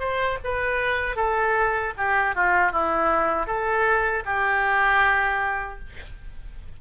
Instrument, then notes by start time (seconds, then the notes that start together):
oboe
0.00 C5
0.44 B4
1.17 A4
1.98 G4
2.36 F4
2.73 E4
3.47 A4
4.26 G4